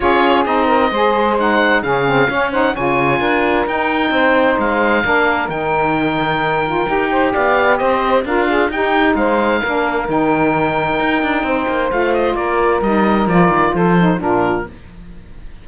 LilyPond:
<<
  \new Staff \with { instrumentName = "oboe" } { \time 4/4 \tempo 4 = 131 cis''4 dis''2 fis''4 | f''4. fis''8 gis''2 | g''2 f''2 | g''1 |
f''4 dis''4 f''4 g''4 | f''2 g''2~ | g''2 f''8 dis''8 d''4 | dis''4 d''4 c''4 ais'4 | }
  \new Staff \with { instrumentName = "saxophone" } { \time 4/4 gis'4. ais'8 c''2 | gis'4 cis''8 c''8 cis''4 ais'4~ | ais'4 c''2 ais'4~ | ais'2.~ ais'8 c''8 |
d''4 c''4 ais'8 gis'8 g'4 | c''4 ais'2.~ | ais'4 c''2 ais'4~ | ais'2 a'4 f'4 | }
  \new Staff \with { instrumentName = "saxophone" } { \time 4/4 f'4 dis'4 gis'4 dis'4 | cis'8 c'8 cis'8 dis'8 f'2 | dis'2. d'4 | dis'2~ dis'8 f'8 g'4~ |
g'2 f'4 dis'4~ | dis'4 d'4 dis'2~ | dis'2 f'2 | dis'4 f'4. dis'8 d'4 | }
  \new Staff \with { instrumentName = "cello" } { \time 4/4 cis'4 c'4 gis2 | cis4 cis'4 cis4 d'4 | dis'4 c'4 gis4 ais4 | dis2. dis'4 |
b4 c'4 d'4 dis'4 | gis4 ais4 dis2 | dis'8 d'8 c'8 ais8 a4 ais4 | g4 f8 dis8 f4 ais,4 | }
>>